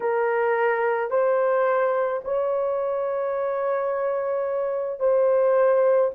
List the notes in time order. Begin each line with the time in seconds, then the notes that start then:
0.00 A#4
1.10 C5
2.24 C#5
4.99 C5